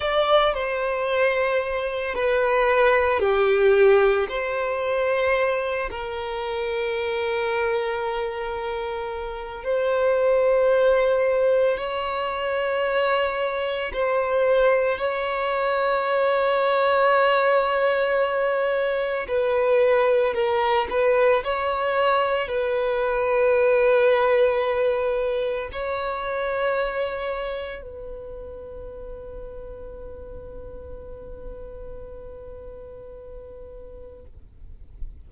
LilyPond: \new Staff \with { instrumentName = "violin" } { \time 4/4 \tempo 4 = 56 d''8 c''4. b'4 g'4 | c''4. ais'2~ ais'8~ | ais'4 c''2 cis''4~ | cis''4 c''4 cis''2~ |
cis''2 b'4 ais'8 b'8 | cis''4 b'2. | cis''2 b'2~ | b'1 | }